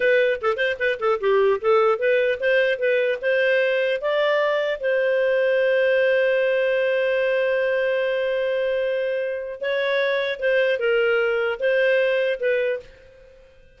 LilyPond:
\new Staff \with { instrumentName = "clarinet" } { \time 4/4 \tempo 4 = 150 b'4 a'8 c''8 b'8 a'8 g'4 | a'4 b'4 c''4 b'4 | c''2 d''2 | c''1~ |
c''1~ | c''1 | cis''2 c''4 ais'4~ | ais'4 c''2 b'4 | }